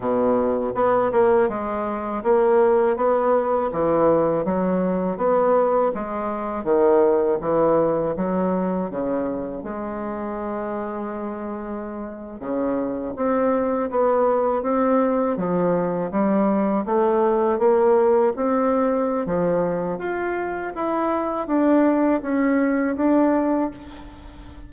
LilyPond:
\new Staff \with { instrumentName = "bassoon" } { \time 4/4 \tempo 4 = 81 b,4 b8 ais8 gis4 ais4 | b4 e4 fis4 b4 | gis4 dis4 e4 fis4 | cis4 gis2.~ |
gis8. cis4 c'4 b4 c'16~ | c'8. f4 g4 a4 ais16~ | ais8. c'4~ c'16 f4 f'4 | e'4 d'4 cis'4 d'4 | }